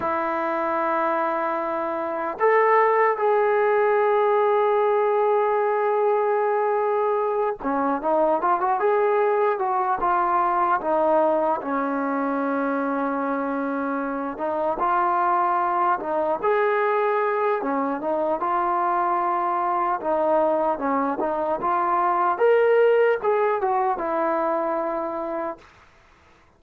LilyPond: \new Staff \with { instrumentName = "trombone" } { \time 4/4 \tempo 4 = 75 e'2. a'4 | gis'1~ | gis'4. cis'8 dis'8 f'16 fis'16 gis'4 | fis'8 f'4 dis'4 cis'4.~ |
cis'2 dis'8 f'4. | dis'8 gis'4. cis'8 dis'8 f'4~ | f'4 dis'4 cis'8 dis'8 f'4 | ais'4 gis'8 fis'8 e'2 | }